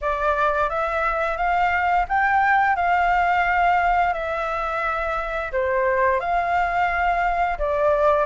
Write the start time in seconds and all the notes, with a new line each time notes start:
0.01 D5
0.69 E5
1.37 F5
2.08 G5
2.76 F5
4.13 E5
5.52 C5
6.20 F5
7.58 D5